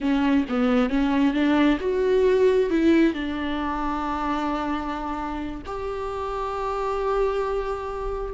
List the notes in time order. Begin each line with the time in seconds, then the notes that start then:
0.00 C#4
0.48 B3
0.89 C#4
1.33 D4
1.79 F#4
2.70 E4
3.13 D4
5.66 G4